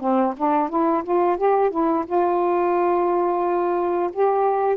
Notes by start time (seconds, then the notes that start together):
0.00 C4
0.37 D4
0.69 E4
1.04 F4
1.38 G4
1.71 E4
2.06 F4
4.13 G4